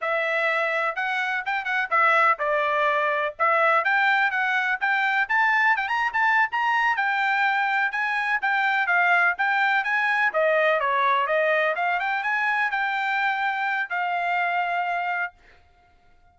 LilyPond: \new Staff \with { instrumentName = "trumpet" } { \time 4/4 \tempo 4 = 125 e''2 fis''4 g''8 fis''8 | e''4 d''2 e''4 | g''4 fis''4 g''4 a''4 | g''16 ais''8 a''8. ais''4 g''4.~ |
g''8 gis''4 g''4 f''4 g''8~ | g''8 gis''4 dis''4 cis''4 dis''8~ | dis''8 f''8 g''8 gis''4 g''4.~ | g''4 f''2. | }